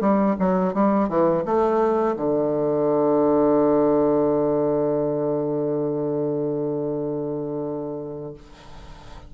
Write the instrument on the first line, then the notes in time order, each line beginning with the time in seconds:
bassoon
0.00 G3
0.39 F#3
0.74 G3
1.08 E3
1.45 A3
2.16 D3